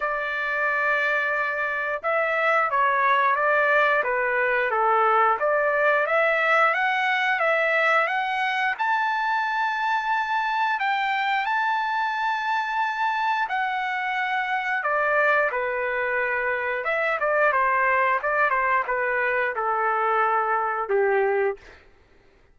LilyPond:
\new Staff \with { instrumentName = "trumpet" } { \time 4/4 \tempo 4 = 89 d''2. e''4 | cis''4 d''4 b'4 a'4 | d''4 e''4 fis''4 e''4 | fis''4 a''2. |
g''4 a''2. | fis''2 d''4 b'4~ | b'4 e''8 d''8 c''4 d''8 c''8 | b'4 a'2 g'4 | }